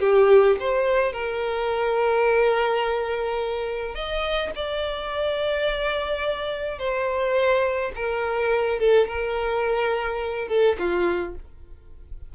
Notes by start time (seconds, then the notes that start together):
0.00 G4
0.60 C5
1.12 A#4
3.95 D#5
4.56 D5
6.79 C5
7.96 A#4
8.80 A4
9.08 A#4
10.48 A4
10.79 F4